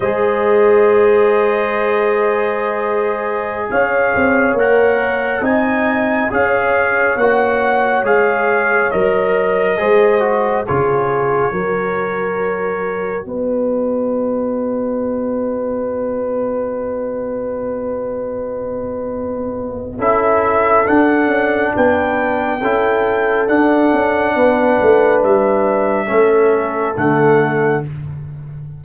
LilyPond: <<
  \new Staff \with { instrumentName = "trumpet" } { \time 4/4 \tempo 4 = 69 dis''1~ | dis''16 f''4 fis''4 gis''4 f''8.~ | f''16 fis''4 f''4 dis''4.~ dis''16~ | dis''16 cis''2. dis''8.~ |
dis''1~ | dis''2. e''4 | fis''4 g''2 fis''4~ | fis''4 e''2 fis''4 | }
  \new Staff \with { instrumentName = "horn" } { \time 4/4 c''1~ | c''16 cis''2 dis''4 cis''8.~ | cis''2.~ cis''16 c''8.~ | c''16 gis'4 ais'2 b'8.~ |
b'1~ | b'2. a'4~ | a'4 b'4 a'2 | b'2 a'2 | }
  \new Staff \with { instrumentName = "trombone" } { \time 4/4 gis'1~ | gis'4~ gis'16 ais'4 dis'4 gis'8.~ | gis'16 fis'4 gis'4 ais'4 gis'8 fis'16~ | fis'16 f'4 fis'2~ fis'8.~ |
fis'1~ | fis'2. e'4 | d'2 e'4 d'4~ | d'2 cis'4 a4 | }
  \new Staff \with { instrumentName = "tuba" } { \time 4/4 gis1~ | gis16 cis'8 c'8 ais4 c'4 cis'8.~ | cis'16 ais4 gis4 fis4 gis8.~ | gis16 cis4 fis2 b8.~ |
b1~ | b2. cis'4 | d'8 cis'8 b4 cis'4 d'8 cis'8 | b8 a8 g4 a4 d4 | }
>>